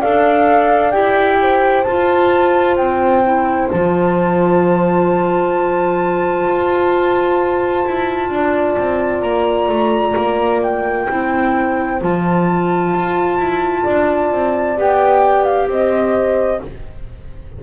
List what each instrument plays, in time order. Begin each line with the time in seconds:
0.00 double bass D4, clarinet A4, horn D5, flute F5
0.92 double bass E4, clarinet G4, flute G5
1.41 horn C5
1.83 double bass F4, clarinet F4, flute A5
2.77 double bass C4, flute G5
3.25 clarinet E4
3.71 double bass F3, clarinet F4, flute A5
6.48 double bass F4
7.86 double bass E4
8.30 double bass D4, horn D5
8.78 double bass C4
9.22 double bass A#3, flute A#5
9.69 double bass A3
10.16 double bass A#3
10.63 flute G5
11.08 double bass C4, clarinet E4, horn C5
12.01 double bass F3, clarinet F4, flute A5
12.94 double bass F4
13.38 double bass E4
13.84 double bass D4, horn D5
14.32 double bass C4
14.77 double bass B3, clarinet G4, flute G5
15.45 flute F5
15.68 double bass C4, horn C5, flute D#5